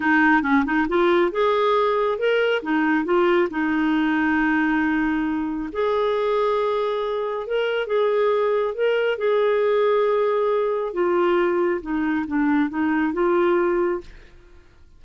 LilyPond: \new Staff \with { instrumentName = "clarinet" } { \time 4/4 \tempo 4 = 137 dis'4 cis'8 dis'8 f'4 gis'4~ | gis'4 ais'4 dis'4 f'4 | dis'1~ | dis'4 gis'2.~ |
gis'4 ais'4 gis'2 | ais'4 gis'2.~ | gis'4 f'2 dis'4 | d'4 dis'4 f'2 | }